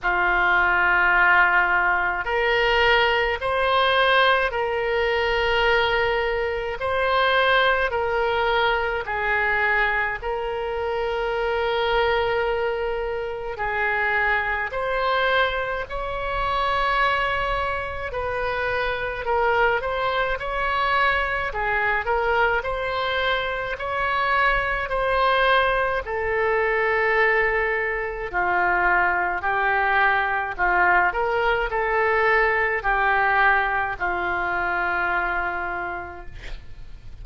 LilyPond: \new Staff \with { instrumentName = "oboe" } { \time 4/4 \tempo 4 = 53 f'2 ais'4 c''4 | ais'2 c''4 ais'4 | gis'4 ais'2. | gis'4 c''4 cis''2 |
b'4 ais'8 c''8 cis''4 gis'8 ais'8 | c''4 cis''4 c''4 a'4~ | a'4 f'4 g'4 f'8 ais'8 | a'4 g'4 f'2 | }